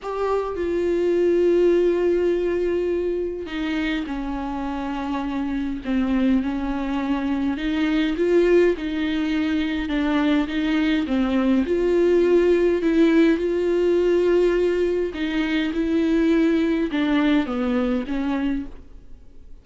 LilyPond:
\new Staff \with { instrumentName = "viola" } { \time 4/4 \tempo 4 = 103 g'4 f'2.~ | f'2 dis'4 cis'4~ | cis'2 c'4 cis'4~ | cis'4 dis'4 f'4 dis'4~ |
dis'4 d'4 dis'4 c'4 | f'2 e'4 f'4~ | f'2 dis'4 e'4~ | e'4 d'4 b4 cis'4 | }